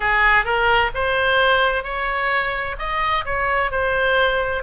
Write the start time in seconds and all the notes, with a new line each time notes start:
0.00 G#4
0.44 A#4
0.94 C5
1.83 C#5
2.78 D#5
3.25 C#5
3.71 C5